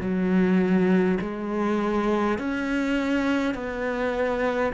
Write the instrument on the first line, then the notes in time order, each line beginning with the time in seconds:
cello
0.00 F#3
1.21 G#3
2.39 C#4
3.55 B3